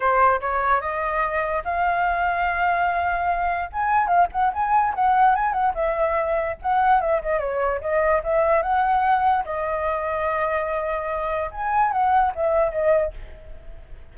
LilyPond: \new Staff \with { instrumentName = "flute" } { \time 4/4 \tempo 4 = 146 c''4 cis''4 dis''2 | f''1~ | f''4 gis''4 f''8 fis''8 gis''4 | fis''4 gis''8 fis''8 e''2 |
fis''4 e''8 dis''8 cis''4 dis''4 | e''4 fis''2 dis''4~ | dis''1 | gis''4 fis''4 e''4 dis''4 | }